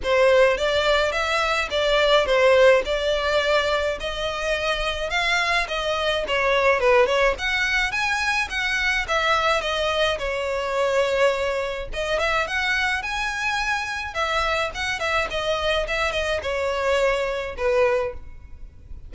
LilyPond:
\new Staff \with { instrumentName = "violin" } { \time 4/4 \tempo 4 = 106 c''4 d''4 e''4 d''4 | c''4 d''2 dis''4~ | dis''4 f''4 dis''4 cis''4 | b'8 cis''8 fis''4 gis''4 fis''4 |
e''4 dis''4 cis''2~ | cis''4 dis''8 e''8 fis''4 gis''4~ | gis''4 e''4 fis''8 e''8 dis''4 | e''8 dis''8 cis''2 b'4 | }